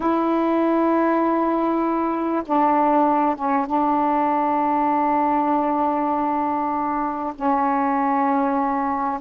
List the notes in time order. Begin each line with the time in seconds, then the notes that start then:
0.00 E4
2.46 D4
3.35 C#4
3.66 D4
7.35 C#4